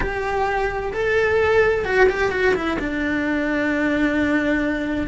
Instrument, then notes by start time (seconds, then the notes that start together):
cello
0.00 G4
0.93 A4
1.84 F#4
2.08 G4
2.31 F#4
2.54 E4
2.79 D4